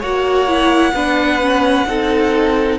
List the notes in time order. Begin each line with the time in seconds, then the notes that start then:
0.00 A#3 F#4 C#5 F#5
0.48 E4
0.93 B3 D4 B4
1.41 C#4
1.86 C4 D#4 A4